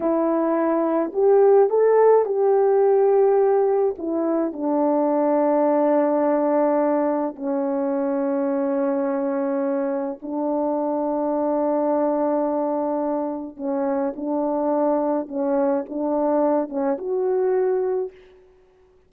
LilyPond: \new Staff \with { instrumentName = "horn" } { \time 4/4 \tempo 4 = 106 e'2 g'4 a'4 | g'2. e'4 | d'1~ | d'4 cis'2.~ |
cis'2 d'2~ | d'1 | cis'4 d'2 cis'4 | d'4. cis'8 fis'2 | }